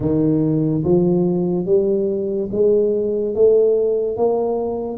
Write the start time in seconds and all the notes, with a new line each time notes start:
0.00 D#3
0.84 F3
1.65 G3
2.51 G#3
3.34 A3
4.17 A#3